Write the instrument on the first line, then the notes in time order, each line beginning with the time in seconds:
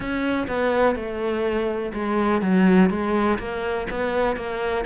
cello
0.00 C#4
0.48 B3
0.95 A3
1.94 G#3
2.41 F#3
2.89 G#3
3.38 A#3
3.90 B3
4.36 A#3